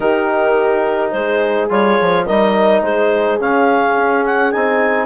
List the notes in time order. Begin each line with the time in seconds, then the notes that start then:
0.00 D#3 D#4 G4 A#4
1.11 G#3 G#4 C5
1.69 G3 F4 C#5
2.00 F3
2.25 G3 D#4 A#4 D#5
2.82 G#3 G#4 C5
3.39 C#3 C#4 F5
3.96 C#4
4.25 F#5
4.51 C4 D#4 G#5